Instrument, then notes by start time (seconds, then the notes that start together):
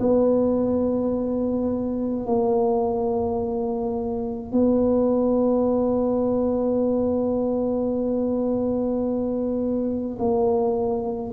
tuba
0.00 B3
2.26 A#3
4.52 B3
10.19 A#3